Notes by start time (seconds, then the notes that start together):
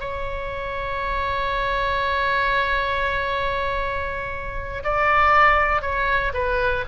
0.00 C#5
4.84 D5
5.82 C#5
6.34 B4